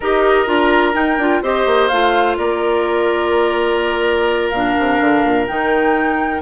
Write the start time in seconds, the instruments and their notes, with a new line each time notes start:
0.00 bassoon D#4, clarinet G4, oboe A#4, flute D#5
0.46 bassoon D4, clarinet F4, flute A#5
0.93 clarinet D#4, bassoon D#4, flute G5
1.17 bassoon D4, clarinet F4
1.42 bassoon C4, clarinet G4, oboe C5, flute D#5
1.66 bassoon A#3
1.87 bassoon A3, clarinet F4, flute F5
2.37 bassoon A#3, oboe A#4, flute D5
4.49 bassoon A#2, clarinet D4, flute F5
4.78 bassoon C3
5.00 bassoon D3
5.23 bassoon A#2
5.47 bassoon D#3, clarinet D#4, flute G5